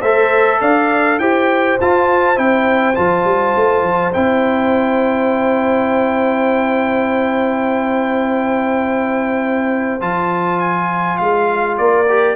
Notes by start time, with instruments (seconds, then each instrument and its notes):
0.00 tuba A3, trombone A4, horn C5, trumpet E5
0.61 tuba D4, horn D5, trumpet F5
1.19 tuba E4, trombone G4, horn C5, trumpet G5
1.81 tuba F4, trombone F4, trumpet A5
2.35 tuba C4, trombone E4, trumpet G5
2.94 tuba F3, trombone F4, trumpet A5
3.24 tuba G3
3.55 tuba A3
3.83 tuba F3
4.13 tuba C4, trombone E4, trumpet G5
10.00 tuba F3, trombone F4, trumpet A5
10.60 trumpet G#5
11.17 tuba G#3, trumpet F5
11.77 tuba A#3, horn A#4, trumpet D5
12.09 trombone G4